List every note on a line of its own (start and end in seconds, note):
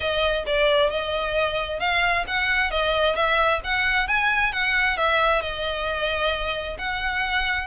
0.00 0.44 D#5
0.46 0.89 D5
0.89 1.79 D#5
1.79 2.24 F5
2.27 2.70 F#5
2.70 3.15 D#5
3.15 3.60 E5
3.64 4.07 F#5
4.07 4.52 G#5
4.52 4.97 F#5
4.97 5.41 E5
5.41 6.76 D#5
6.78 7.67 F#5